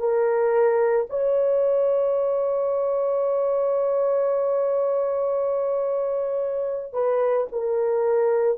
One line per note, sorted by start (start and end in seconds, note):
0.00 1.07 A#4
1.10 6.94 C#5
6.94 7.48 B4
7.52 8.59 A#4